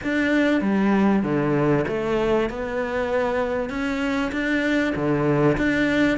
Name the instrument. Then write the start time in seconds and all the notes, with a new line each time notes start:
cello
0.03 D4
0.61 G3
1.23 D3
1.87 A3
2.49 B3
3.69 C#4
4.32 D4
4.95 D3
5.57 D4